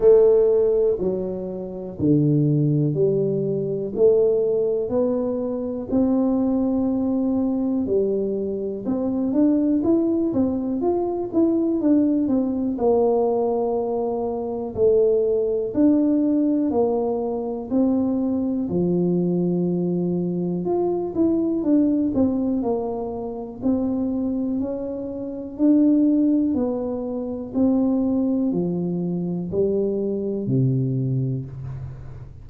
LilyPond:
\new Staff \with { instrumentName = "tuba" } { \time 4/4 \tempo 4 = 61 a4 fis4 d4 g4 | a4 b4 c'2 | g4 c'8 d'8 e'8 c'8 f'8 e'8 | d'8 c'8 ais2 a4 |
d'4 ais4 c'4 f4~ | f4 f'8 e'8 d'8 c'8 ais4 | c'4 cis'4 d'4 b4 | c'4 f4 g4 c4 | }